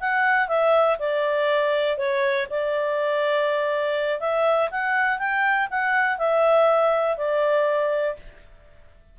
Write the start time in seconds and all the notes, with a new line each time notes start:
0.00 F#5
0.48 E5
0.99 D5
1.97 C#5
2.50 D5
4.20 E5
4.71 F#5
5.19 G5
5.71 F#5
6.18 E5
7.17 D5